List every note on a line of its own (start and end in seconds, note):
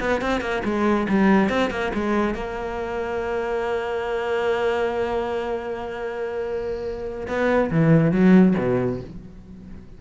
0.00 0.21 B3
0.21 0.41 C4
0.41 0.62 A#3
0.64 1.07 G#3
1.09 1.49 G3
1.49 1.70 C4
1.70 1.92 A#3
1.94 2.34 G#3
2.34 7.27 A#3
7.27 7.70 B3
7.71 8.11 E3
8.11 8.54 F#3
8.58 9.01 B2